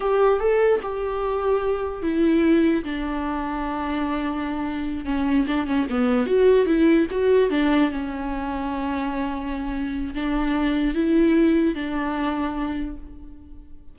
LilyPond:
\new Staff \with { instrumentName = "viola" } { \time 4/4 \tempo 4 = 148 g'4 a'4 g'2~ | g'4 e'2 d'4~ | d'1~ | d'8 cis'4 d'8 cis'8 b4 fis'8~ |
fis'8 e'4 fis'4 d'4 cis'8~ | cis'1~ | cis'4 d'2 e'4~ | e'4 d'2. | }